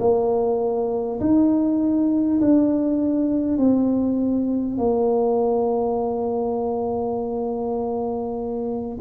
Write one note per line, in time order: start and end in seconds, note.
0.00 1.20 A#3
1.21 2.41 D#4
2.41 3.58 D4
3.58 4.78 C4
4.78 8.98 A#3